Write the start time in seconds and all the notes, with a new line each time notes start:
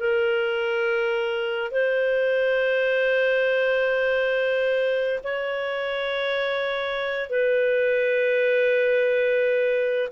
0.00 A#4
1.72 C5
5.24 C#5
7.30 B4